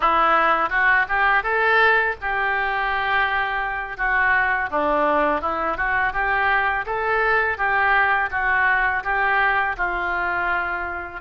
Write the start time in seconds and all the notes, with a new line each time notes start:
0.00 E4
0.69 F#4
1.08 G4
1.43 A4
2.20 G4
3.97 F#4
4.70 D4
5.41 E4
5.77 F#4
6.12 G4
6.85 A4
7.57 G4
8.30 F#4
9.03 G4
9.77 F4